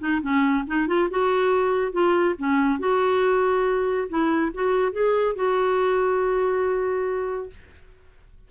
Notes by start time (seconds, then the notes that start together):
0.00 D#4
0.22 C#4
0.68 D#4
0.88 F4
1.11 F#4
1.93 F4
2.39 C#4
2.80 F#4
4.09 E4
4.54 F#4
4.93 G#4
5.36 F#4